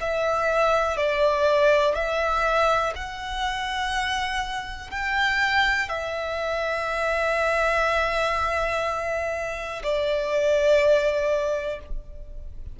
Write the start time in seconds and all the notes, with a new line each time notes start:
0.00 E5
0.97 D5
1.94 E5
2.96 F#5
4.90 G5
5.89 E5
9.83 D5